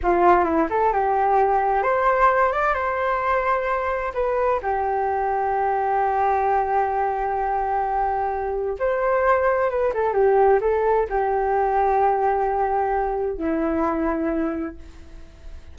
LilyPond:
\new Staff \with { instrumentName = "flute" } { \time 4/4 \tempo 4 = 130 f'4 e'8 a'8 g'2 | c''4. d''8 c''2~ | c''4 b'4 g'2~ | g'1~ |
g'2. c''4~ | c''4 b'8 a'8 g'4 a'4 | g'1~ | g'4 e'2. | }